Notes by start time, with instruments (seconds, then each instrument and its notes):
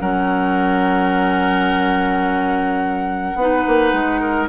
0.00 bassoon F#3, clarinet C#4, oboe A#4, flute F#5
3.35 bassoon B3, clarinet D#4, oboe B4
3.67 bassoon A#3
3.93 bassoon G#3
4.21 oboe A#4